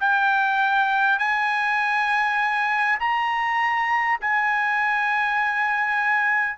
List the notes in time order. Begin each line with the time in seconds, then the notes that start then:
0.00 G5
1.19 G#5
3.00 A#5
4.21 G#5